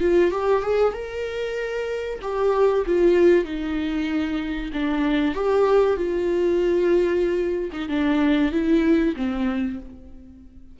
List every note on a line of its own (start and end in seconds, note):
0.00 0.30 F4
0.30 0.62 G4
0.62 0.93 G#4
0.93 2.19 A#4
2.21 2.84 G4
2.86 3.44 F4
3.44 4.71 D#4
4.73 5.34 D4
5.34 5.96 G4
5.96 7.70 F4
7.72 7.88 D#4
7.88 8.51 D4
8.51 9.14 E4
9.16 9.79 C4